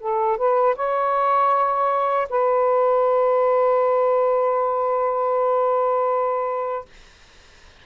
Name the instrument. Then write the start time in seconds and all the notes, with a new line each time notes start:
saxophone
0.00 A4
0.37 B4
0.76 C#5
2.30 B4